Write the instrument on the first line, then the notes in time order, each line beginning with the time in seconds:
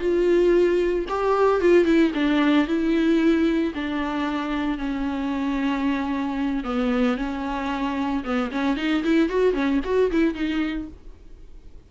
viola
0.00 F4
1.09 G4
1.61 F4
1.85 E4
2.15 D4
2.67 E4
3.75 D4
4.79 C#4
6.65 B3
7.18 C#4
8.24 B3
8.52 C#4
8.77 D#4
9.04 E4
9.30 F#4
9.54 C#4
9.85 F#4
10.12 E4
10.35 D#4